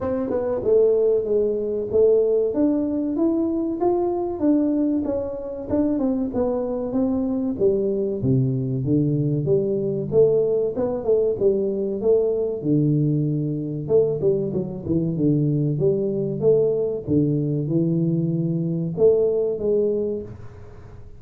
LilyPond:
\new Staff \with { instrumentName = "tuba" } { \time 4/4 \tempo 4 = 95 c'8 b8 a4 gis4 a4 | d'4 e'4 f'4 d'4 | cis'4 d'8 c'8 b4 c'4 | g4 c4 d4 g4 |
a4 b8 a8 g4 a4 | d2 a8 g8 fis8 e8 | d4 g4 a4 d4 | e2 a4 gis4 | }